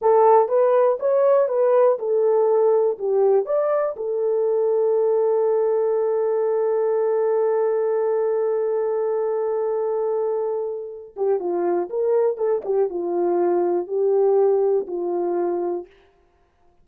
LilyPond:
\new Staff \with { instrumentName = "horn" } { \time 4/4 \tempo 4 = 121 a'4 b'4 cis''4 b'4 | a'2 g'4 d''4 | a'1~ | a'1~ |
a'1~ | a'2~ a'8 g'8 f'4 | ais'4 a'8 g'8 f'2 | g'2 f'2 | }